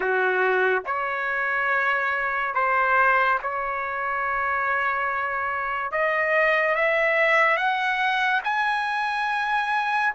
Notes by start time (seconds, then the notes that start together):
0.00 F#4
0.86 C#5
2.54 C5
3.42 C#5
5.92 D#5
6.75 E5
7.56 F#5
8.44 G#5